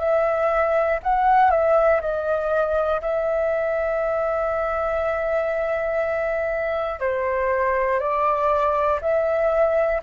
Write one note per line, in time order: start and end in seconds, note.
0.00 1.00 E5
1.04 1.51 F#5
1.51 2.01 E5
2.01 3.01 D#5
3.02 7.00 E5
7.00 8.00 C5
8.00 9.00 D5
9.02 10.02 E5